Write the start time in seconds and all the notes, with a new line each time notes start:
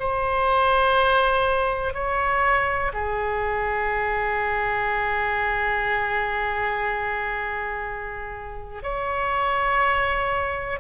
0.00 C5
1.94 C#5
2.94 G#4
8.83 C#5